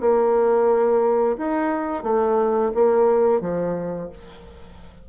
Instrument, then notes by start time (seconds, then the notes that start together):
bassoon
0.00 A#3
1.37 D#4
2.03 A3
2.74 A#3
3.41 F3